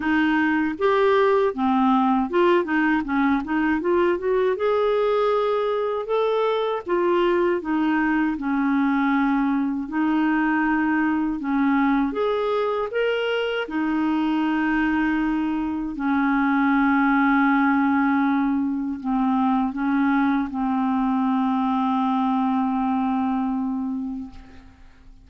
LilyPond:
\new Staff \with { instrumentName = "clarinet" } { \time 4/4 \tempo 4 = 79 dis'4 g'4 c'4 f'8 dis'8 | cis'8 dis'8 f'8 fis'8 gis'2 | a'4 f'4 dis'4 cis'4~ | cis'4 dis'2 cis'4 |
gis'4 ais'4 dis'2~ | dis'4 cis'2.~ | cis'4 c'4 cis'4 c'4~ | c'1 | }